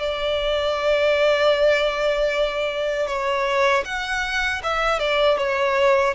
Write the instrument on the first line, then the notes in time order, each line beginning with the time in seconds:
violin
0.00 D5
3.08 C#5
3.85 F#5
4.64 E5
5.00 D5
5.38 C#5